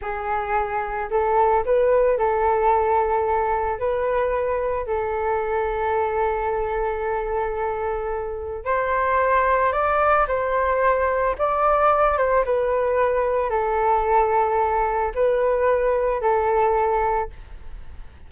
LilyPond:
\new Staff \with { instrumentName = "flute" } { \time 4/4 \tempo 4 = 111 gis'2 a'4 b'4 | a'2. b'4~ | b'4 a'2.~ | a'1 |
c''2 d''4 c''4~ | c''4 d''4. c''8 b'4~ | b'4 a'2. | b'2 a'2 | }